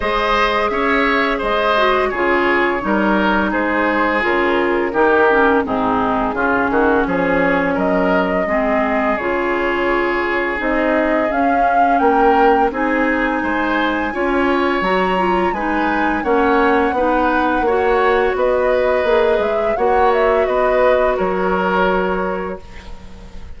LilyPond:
<<
  \new Staff \with { instrumentName = "flute" } { \time 4/4 \tempo 4 = 85 dis''4 e''4 dis''4 cis''4~ | cis''4 c''4 ais'2 | gis'2 cis''4 dis''4~ | dis''4 cis''2 dis''4 |
f''4 g''4 gis''2~ | gis''4 ais''4 gis''4 fis''4~ | fis''2 dis''4. e''8 | fis''8 e''8 dis''4 cis''2 | }
  \new Staff \with { instrumentName = "oboe" } { \time 4/4 c''4 cis''4 c''4 gis'4 | ais'4 gis'2 g'4 | dis'4 f'8 fis'8 gis'4 ais'4 | gis'1~ |
gis'4 ais'4 gis'4 c''4 | cis''2 b'4 cis''4 | b'4 cis''4 b'2 | cis''4 b'4 ais'2 | }
  \new Staff \with { instrumentName = "clarinet" } { \time 4/4 gis'2~ gis'8 fis'8 f'4 | dis'2 f'4 dis'8 cis'8 | c'4 cis'2. | c'4 f'2 dis'4 |
cis'2 dis'2 | f'4 fis'8 f'8 dis'4 cis'4 | dis'4 fis'2 gis'4 | fis'1 | }
  \new Staff \with { instrumentName = "bassoon" } { \time 4/4 gis4 cis'4 gis4 cis4 | g4 gis4 cis4 dis4 | gis,4 cis8 dis8 f4 fis4 | gis4 cis2 c'4 |
cis'4 ais4 c'4 gis4 | cis'4 fis4 gis4 ais4 | b4 ais4 b4 ais8 gis8 | ais4 b4 fis2 | }
>>